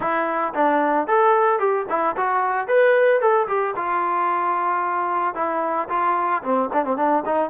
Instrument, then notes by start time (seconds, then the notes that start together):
trombone
0.00 E4
0.54 D4
1.07 A4
1.59 G4
1.89 E4
2.16 F#4
2.67 B4
3.20 A4
3.47 G4
3.75 F4
5.34 E4
5.88 F4
6.43 C4
6.73 D4
6.84 C4
6.96 D4
7.25 D#4